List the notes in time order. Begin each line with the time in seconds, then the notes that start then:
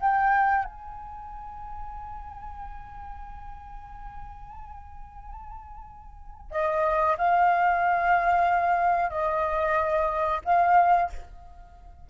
0.00 G5
0.64 G#5
6.51 D#5
7.18 F5
9.10 D#5
10.44 F5